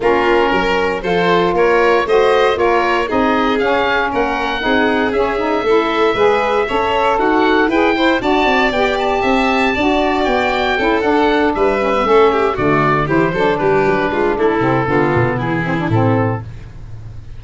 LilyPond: <<
  \new Staff \with { instrumentName = "oboe" } { \time 4/4 \tempo 4 = 117 ais'2 c''4 cis''4 | dis''4 cis''4 dis''4 f''4 | fis''2 e''2~ | e''2 fis''4 g''4 |
a''4 g''8 a''2~ a''8 | g''4. fis''4 e''4.~ | e''8 d''4 c''4 b'4. | a'2 gis'4 a'4 | }
  \new Staff \with { instrumentName = "violin" } { \time 4/4 f'4 ais'4 a'4 ais'4 | c''4 ais'4 gis'2 | ais'4 gis'2 a'4 | b'4 cis''4 fis'4 b'8 c''8 |
d''2 e''4 d''4~ | d''4 a'4. b'4 a'8 | g'8 fis'4 g'8 a'8 g'4 f'8 | e'4 f'4 e'2 | }
  \new Staff \with { instrumentName = "saxophone" } { \time 4/4 cis'2 f'2 | fis'4 f'4 dis'4 cis'4~ | cis'4 dis'4 cis'8 dis'8 e'4 | gis'4 a'2 gis'8 e'8 |
fis'4 g'2 fis'4~ | fis'4 e'8 d'4. cis'16 b16 cis'8~ | cis'8 a4 e'8 d'2~ | d'8 c'8 b4. c'16 d'16 c'4 | }
  \new Staff \with { instrumentName = "tuba" } { \time 4/4 ais4 fis4 f4 ais4 | a4 ais4 c'4 cis'4 | ais4 c'4 cis'4 a4 | gis4 cis'4 dis'4 e'4 |
d'8 c'8 b4 c'4 d'4 | b4 cis'8 d'4 g4 a8~ | a8 d4 e8 fis8 g8 fis8 gis8 | a8 c8 d8 b,8 e4 a,4 | }
>>